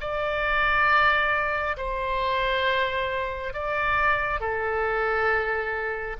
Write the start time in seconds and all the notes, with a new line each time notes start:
0.00 D5
1.77 C5
3.53 D5
4.40 A4